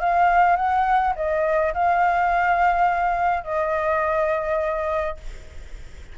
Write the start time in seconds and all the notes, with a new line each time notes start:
0.00 F5
0.56 F#5
1.15 D#5
1.74 F5
3.44 D#5